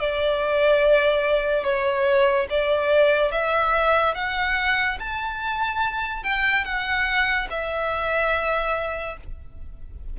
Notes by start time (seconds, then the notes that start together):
0.00 D5
1.64 C#5
2.50 D5
3.32 E5
4.15 F#5
5.00 A5
6.23 G5
6.65 F#5
7.50 E5